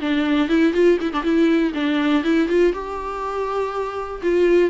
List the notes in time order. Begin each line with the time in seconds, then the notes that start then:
0.00 D4
0.48 E4
0.73 F4
1.01 E4
1.12 D4
1.23 E4
1.74 D4
2.23 E4
2.48 F4
2.73 G4
4.22 F4